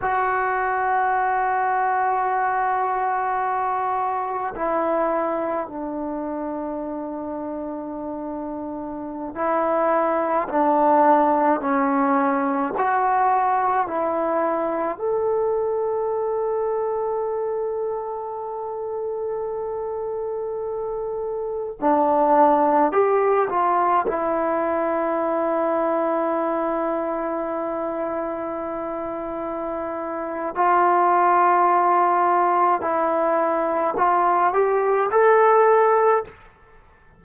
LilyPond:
\new Staff \with { instrumentName = "trombone" } { \time 4/4 \tempo 4 = 53 fis'1 | e'4 d'2.~ | d'16 e'4 d'4 cis'4 fis'8.~ | fis'16 e'4 a'2~ a'8.~ |
a'2.~ a'16 d'8.~ | d'16 g'8 f'8 e'2~ e'8.~ | e'2. f'4~ | f'4 e'4 f'8 g'8 a'4 | }